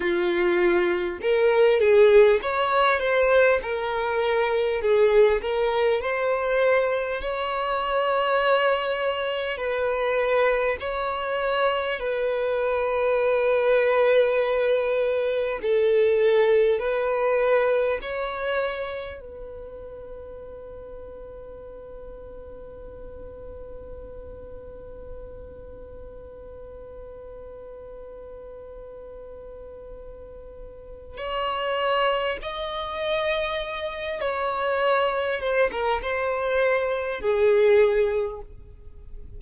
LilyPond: \new Staff \with { instrumentName = "violin" } { \time 4/4 \tempo 4 = 50 f'4 ais'8 gis'8 cis''8 c''8 ais'4 | gis'8 ais'8 c''4 cis''2 | b'4 cis''4 b'2~ | b'4 a'4 b'4 cis''4 |
b'1~ | b'1~ | b'2 cis''4 dis''4~ | dis''8 cis''4 c''16 ais'16 c''4 gis'4 | }